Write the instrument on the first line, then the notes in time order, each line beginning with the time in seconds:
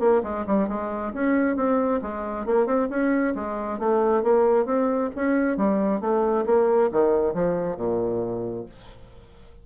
bassoon
0.00 A#3
0.23 G#3
0.47 G3
0.68 G#3
1.14 C#4
1.56 C4
2.02 G#3
2.46 A#3
2.66 C4
2.90 C#4
3.35 G#3
3.79 A3
4.23 A#3
4.66 C4
5.16 C#4
5.57 G3
6.01 A3
6.46 A#3
6.92 D#3
7.34 F3
7.77 A#2